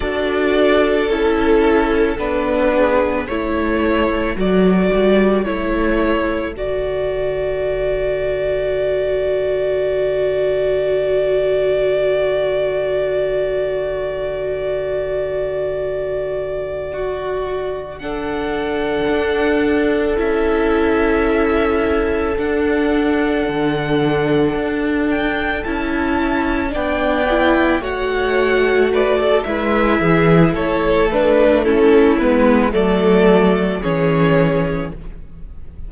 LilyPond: <<
  \new Staff \with { instrumentName = "violin" } { \time 4/4 \tempo 4 = 55 d''4 a'4 b'4 cis''4 | d''4 cis''4 d''2~ | d''1~ | d''1~ |
d''8 fis''2 e''4.~ | e''8 fis''2~ fis''8 g''8 a''8~ | a''8 g''4 fis''4 d''8 e''4 | cis''8 b'8 a'8 b'8 d''4 cis''4 | }
  \new Staff \with { instrumentName = "violin" } { \time 4/4 a'2~ a'8 gis'8 a'4~ | a'1~ | a'1~ | a'2.~ a'8 fis'8~ |
fis'8 a'2.~ a'8~ | a'1~ | a'8 d''4 cis''4 b'16 a'16 b'8 gis'8 | a'4 e'4 a'4 gis'4 | }
  \new Staff \with { instrumentName = "viola" } { \time 4/4 fis'4 e'4 d'4 e'4 | fis'4 e'4 fis'2~ | fis'1~ | fis'1~ |
fis'8 d'2 e'4.~ | e'8 d'2. e'8~ | e'8 d'8 e'8 fis'4. e'4~ | e'8 d'8 cis'8 b8 a4 cis'4 | }
  \new Staff \with { instrumentName = "cello" } { \time 4/4 d'4 cis'4 b4 a4 | fis8 g8 a4 d2~ | d1~ | d1~ |
d4. d'4 cis'4.~ | cis'8 d'4 d4 d'4 cis'8~ | cis'8 b4 a4. gis8 e8 | a4. gis8 fis4 e4 | }
>>